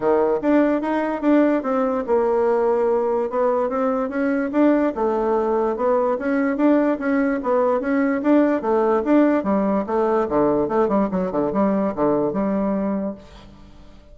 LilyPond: \new Staff \with { instrumentName = "bassoon" } { \time 4/4 \tempo 4 = 146 dis4 d'4 dis'4 d'4 | c'4 ais2. | b4 c'4 cis'4 d'4 | a2 b4 cis'4 |
d'4 cis'4 b4 cis'4 | d'4 a4 d'4 g4 | a4 d4 a8 g8 fis8 d8 | g4 d4 g2 | }